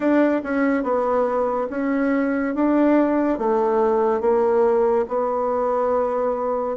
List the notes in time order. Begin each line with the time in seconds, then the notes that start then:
0.00 D4
0.43 C#4
0.83 B3
1.70 C#4
2.55 D4
3.38 A3
4.20 A#3
5.07 B3